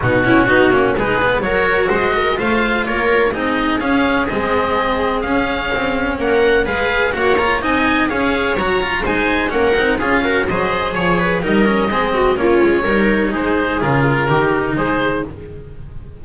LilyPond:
<<
  \new Staff \with { instrumentName = "oboe" } { \time 4/4 \tempo 4 = 126 fis'2 b'4 cis''4 | dis''4 f''4 cis''4 dis''4 | f''4 dis''2 f''4~ | f''4 fis''4 f''4 fis''8 ais''8 |
gis''4 f''4 ais''4 gis''4 | fis''4 f''4 dis''4 cis''4 | dis''2 cis''2 | c''4 ais'2 c''4 | }
  \new Staff \with { instrumentName = "viola" } { \time 4/4 dis'8 e'8 fis'4 gis'4 ais'4 | c''8 ais'8 c''4 ais'4 gis'4~ | gis'1~ | gis'4 ais'4 b'4 cis''4 |
dis''4 cis''2 c''4 | ais'4 gis'8 ais'8 c''4 cis''8 b'8 | ais'4 gis'8 fis'8 f'4 ais'4 | gis'2 g'4 gis'4 | }
  \new Staff \with { instrumentName = "cello" } { \time 4/4 b8 cis'8 dis'8 cis'8 dis'8 b8 fis'4~ | fis'4 f'2 dis'4 | cis'4 c'2 cis'4~ | cis'2 gis'4 fis'8 f'8 |
dis'4 gis'4 fis'8 f'8 dis'4 | cis'8 dis'8 f'8 fis'8 gis'2 | dis'8 cis'8 c'4 cis'4 dis'4~ | dis'4 f'4 dis'2 | }
  \new Staff \with { instrumentName = "double bass" } { \time 4/4 b,4 b8 ais8 gis4 fis4 | gis4 a4 ais4 c'4 | cis'4 gis2 cis'4 | c'4 ais4 gis4 ais4 |
c'4 cis'4 fis4 gis4 | ais8 c'8 cis'4 fis4 f4 | g4 gis4 ais8 gis8 g4 | gis4 cis4 dis4 gis4 | }
>>